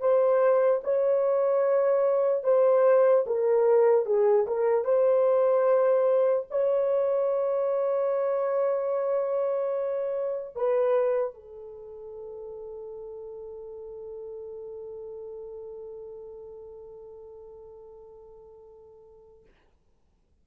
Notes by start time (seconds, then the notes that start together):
0.00 C5
0.84 C#5
2.44 C5
3.26 A#4
4.05 G#4
4.47 A#4
4.85 C5
6.50 C#5
10.56 B4
11.34 A4